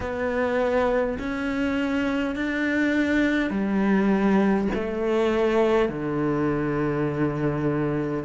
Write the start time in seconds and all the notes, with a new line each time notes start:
0.00 B3
1.18 C#4
2.35 D4
3.50 G3
4.74 A3
5.88 D3